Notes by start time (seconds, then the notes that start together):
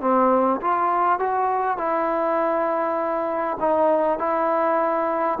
0.00 C4
0.61 F4
1.19 F#4
1.77 E4
3.59 D#4
4.18 E4